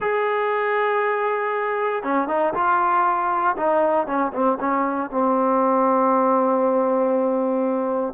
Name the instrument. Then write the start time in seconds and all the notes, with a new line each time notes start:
trombone
0.00 G#4
2.03 C#4
2.28 D#4
2.54 F4
3.56 D#4
4.06 C#4
4.32 C4
4.59 C#4
5.10 C4